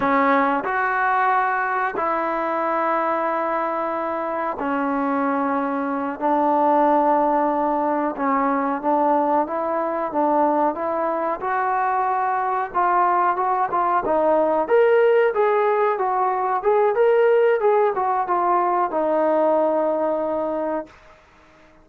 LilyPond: \new Staff \with { instrumentName = "trombone" } { \time 4/4 \tempo 4 = 92 cis'4 fis'2 e'4~ | e'2. cis'4~ | cis'4. d'2~ d'8~ | d'8 cis'4 d'4 e'4 d'8~ |
d'8 e'4 fis'2 f'8~ | f'8 fis'8 f'8 dis'4 ais'4 gis'8~ | gis'8 fis'4 gis'8 ais'4 gis'8 fis'8 | f'4 dis'2. | }